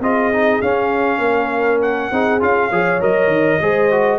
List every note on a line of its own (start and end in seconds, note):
0.00 0.60 C4
0.00 0.33 F4
0.00 1.21 G#4
0.00 0.61 D#5
0.33 0.63 D#4
0.61 1.19 C#4
0.61 2.12 C#4
0.61 1.81 F5
1.19 2.09 A#3
1.19 2.12 A#4
1.82 2.42 F#5
2.11 2.41 C4
2.11 2.40 D#4
2.11 2.70 G#4
2.40 2.71 C#4
2.40 2.70 F4
2.40 3.02 F5
2.70 3.01 F3
2.70 3.00 G#4
2.70 3.60 C#5
3.00 3.27 F#3
3.00 3.60 A#4
3.00 4.19 D#5
3.27 3.57 D#3
3.61 4.19 G#3
3.61 3.92 G#4
3.61 4.19 C5
3.92 4.19 F#4